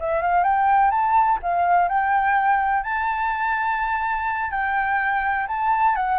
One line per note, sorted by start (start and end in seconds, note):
0.00 0.22 E5
0.22 0.44 F5
0.44 0.91 G5
0.91 1.39 A5
1.43 1.89 F5
1.89 2.84 G5
2.84 4.51 A5
4.51 5.47 G5
5.48 5.96 A5
5.96 6.20 F#5